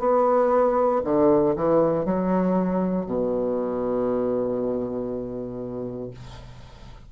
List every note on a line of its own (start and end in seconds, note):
0.00 1.02 B3
1.04 1.55 D3
1.56 2.05 E3
2.05 3.06 F#3
3.06 6.11 B2